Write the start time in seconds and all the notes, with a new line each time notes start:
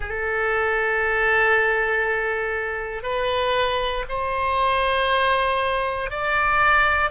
0.00 A4
3.02 B4
4.09 C5
6.10 D5